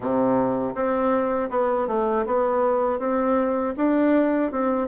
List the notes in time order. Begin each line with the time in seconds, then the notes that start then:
0.00 C3
0.74 C4
1.50 B3
1.88 A3
2.26 B3
2.99 C4
3.76 D4
4.51 C4